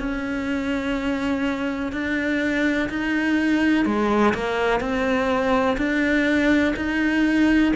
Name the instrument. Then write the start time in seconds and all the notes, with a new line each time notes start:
cello
0.00 C#4
1.93 D4
2.90 D#4
3.86 G#3
4.35 A#3
4.81 C4
5.78 D4
6.77 D#4